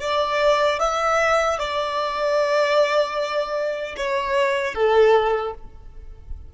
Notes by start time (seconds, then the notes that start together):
0.00 D5
0.79 E5
1.58 D5
3.96 C#5
4.74 A4